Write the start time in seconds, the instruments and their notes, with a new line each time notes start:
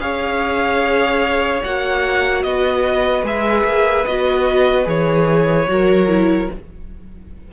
0.00 cello C#4, viola G#4, violin C#5 F5
1.64 cello A#3, viola F#4, violin F#5
2.43 cello B3, violin B4 D#5
3.23 cello G#3, viola G#4, violin E5
3.65 cello A#3
4.06 cello B3, viola F#4, violin D#5
4.85 cello E3, viola G#4, violin C#5
5.68 cello F#3, viola F#4, violin A#4
6.08 viola E4